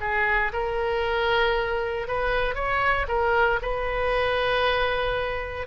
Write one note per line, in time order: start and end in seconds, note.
0.00 0.52 G#4
0.53 2.07 A#4
2.07 2.54 B4
2.54 3.06 C#5
3.08 3.59 A#4
3.62 5.67 B4